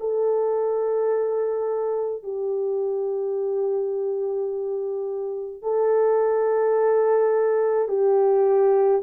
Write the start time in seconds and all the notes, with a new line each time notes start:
0.00 A4
2.23 G4
5.62 A4
7.88 G4